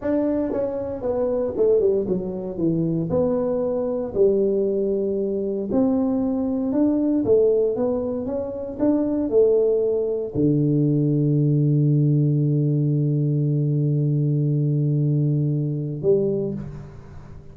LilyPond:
\new Staff \with { instrumentName = "tuba" } { \time 4/4 \tempo 4 = 116 d'4 cis'4 b4 a8 g8 | fis4 e4 b2 | g2. c'4~ | c'4 d'4 a4 b4 |
cis'4 d'4 a2 | d1~ | d1~ | d2. g4 | }